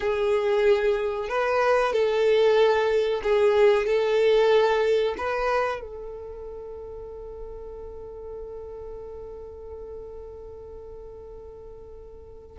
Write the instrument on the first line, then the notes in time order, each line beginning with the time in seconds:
violin
0.00 G#4
1.28 B4
1.92 A4
3.23 G#4
3.86 A4
5.17 B4
5.80 A4